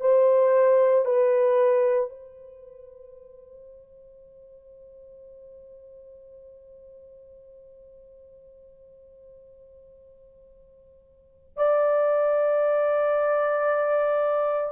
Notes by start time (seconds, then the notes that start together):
0.00 C5
1.05 B4
2.09 C5
11.56 D5